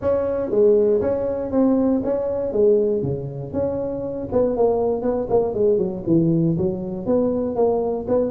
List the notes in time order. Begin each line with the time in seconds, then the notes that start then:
0.01 C#4
0.50 G#3
1.01 C#4
1.51 C4
2.04 C#4
2.52 G#3
3.02 C#3
3.52 C#4
4.32 B3
4.56 A#3
5.02 B3
5.29 A#3
5.54 G#3
5.78 F#3
6.06 E3
6.57 F#3
7.06 B3
7.55 A#3
8.08 B3